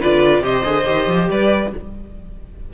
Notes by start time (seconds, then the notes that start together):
0.00 D3 F4 B4 D5
0.40 C3 G4 C5 D#5
0.64 D3 G#4
0.84 D#3 G4
1.08 F3
1.30 G3 B4 D5